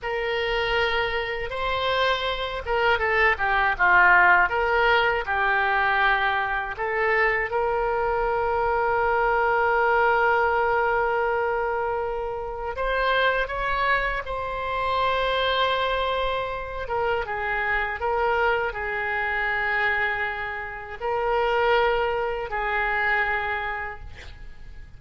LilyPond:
\new Staff \with { instrumentName = "oboe" } { \time 4/4 \tempo 4 = 80 ais'2 c''4. ais'8 | a'8 g'8 f'4 ais'4 g'4~ | g'4 a'4 ais'2~ | ais'1~ |
ais'4 c''4 cis''4 c''4~ | c''2~ c''8 ais'8 gis'4 | ais'4 gis'2. | ais'2 gis'2 | }